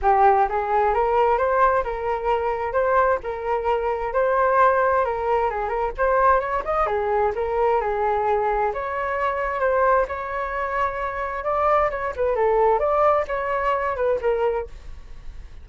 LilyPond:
\new Staff \with { instrumentName = "flute" } { \time 4/4 \tempo 4 = 131 g'4 gis'4 ais'4 c''4 | ais'2 c''4 ais'4~ | ais'4 c''2 ais'4 | gis'8 ais'8 c''4 cis''8 dis''8 gis'4 |
ais'4 gis'2 cis''4~ | cis''4 c''4 cis''2~ | cis''4 d''4 cis''8 b'8 a'4 | d''4 cis''4. b'8 ais'4 | }